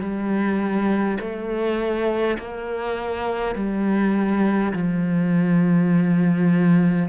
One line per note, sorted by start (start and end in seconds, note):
0.00 1.18 G3
1.20 2.37 A3
2.38 3.55 A#3
3.55 4.73 G3
4.73 7.09 F3